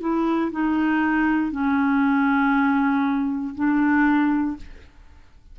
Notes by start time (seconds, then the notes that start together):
0.00 E4
0.51 D#4
1.51 C#4
3.55 D4